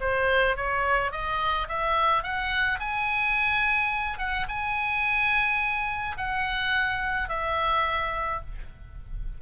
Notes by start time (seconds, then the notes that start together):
0.00 C5
0.56 C#5
1.11 D#5
1.68 E5
2.23 F#5
2.79 G#5
4.18 F#5
4.48 G#5
6.17 F#5
7.28 E5